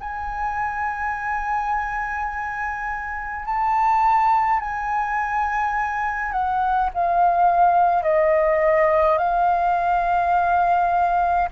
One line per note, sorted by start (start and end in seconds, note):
0.00 3.45 G#5
3.45 4.60 A5
4.60 6.32 G#5
6.32 6.90 F#5
6.94 8.03 F5
8.03 9.18 D#5
9.18 11.49 F5